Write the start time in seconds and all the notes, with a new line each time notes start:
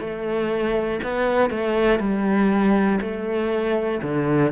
0.00 A3
1.04 B3
1.50 A3
2.00 G3
3.02 A3
4.02 D3